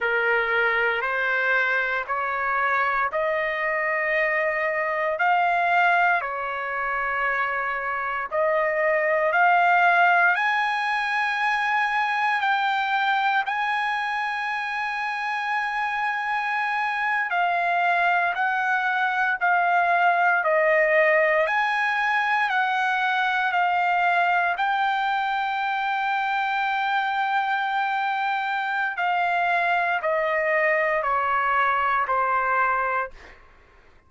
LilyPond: \new Staff \with { instrumentName = "trumpet" } { \time 4/4 \tempo 4 = 58 ais'4 c''4 cis''4 dis''4~ | dis''4 f''4 cis''2 | dis''4 f''4 gis''2 | g''4 gis''2.~ |
gis''8. f''4 fis''4 f''4 dis''16~ | dis''8. gis''4 fis''4 f''4 g''16~ | g''1 | f''4 dis''4 cis''4 c''4 | }